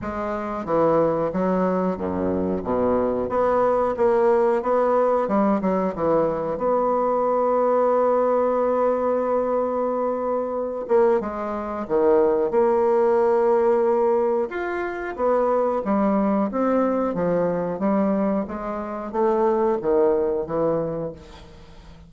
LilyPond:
\new Staff \with { instrumentName = "bassoon" } { \time 4/4 \tempo 4 = 91 gis4 e4 fis4 fis,4 | b,4 b4 ais4 b4 | g8 fis8 e4 b2~ | b1~ |
b8 ais8 gis4 dis4 ais4~ | ais2 f'4 b4 | g4 c'4 f4 g4 | gis4 a4 dis4 e4 | }